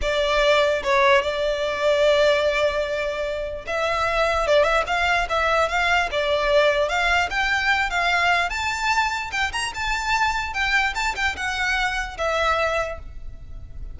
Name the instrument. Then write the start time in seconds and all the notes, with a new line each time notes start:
violin
0.01 D5
0.83 C#5
1.22 D5
3.67 E5
4.47 D5
4.63 E5
4.86 F5
5.29 E5
5.68 F5
6.11 D5
6.88 F5
7.30 G5
7.90 F5
8.49 A5
9.31 G5
9.52 A#5
9.74 A5
10.53 G5
10.94 A5
11.15 G5
11.36 F#5
12.17 E5